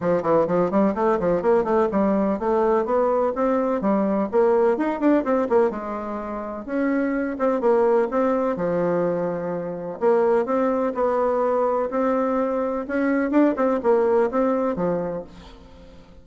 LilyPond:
\new Staff \with { instrumentName = "bassoon" } { \time 4/4 \tempo 4 = 126 f8 e8 f8 g8 a8 f8 ais8 a8 | g4 a4 b4 c'4 | g4 ais4 dis'8 d'8 c'8 ais8 | gis2 cis'4. c'8 |
ais4 c'4 f2~ | f4 ais4 c'4 b4~ | b4 c'2 cis'4 | d'8 c'8 ais4 c'4 f4 | }